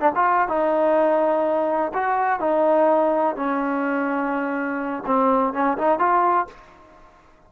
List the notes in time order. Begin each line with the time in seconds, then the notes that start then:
0.00 D4
0.15 F4
0.48 D#4
1.94 F#4
2.40 D#4
3.36 C#4
5.06 C4
5.53 C#4
5.78 D#4
5.99 F4